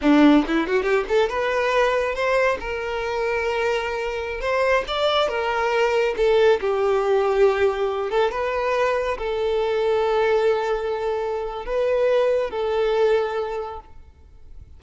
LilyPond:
\new Staff \with { instrumentName = "violin" } { \time 4/4 \tempo 4 = 139 d'4 e'8 fis'8 g'8 a'8 b'4~ | b'4 c''4 ais'2~ | ais'2~ ais'16 c''4 d''8.~ | d''16 ais'2 a'4 g'8.~ |
g'2~ g'8. a'8 b'8.~ | b'4~ b'16 a'2~ a'8.~ | a'2. b'4~ | b'4 a'2. | }